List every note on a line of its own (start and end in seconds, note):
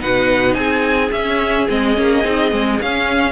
0.00 0.55 B2
0.00 1.11 D#4
0.00 0.57 B4
0.00 0.54 F#5
0.54 1.11 C4
0.54 3.32 G#4
0.54 1.10 G#5
1.12 1.67 C#4
1.12 1.69 C#4
1.12 1.67 E5
1.69 1.98 G#3
1.69 1.95 C4
1.69 2.81 D#5
1.95 2.24 A#3
1.95 2.22 C#4
2.24 2.52 C4
2.24 2.51 D#4
2.51 2.80 G#3
2.51 2.79 C4
2.81 3.32 C#4
2.81 3.32 F5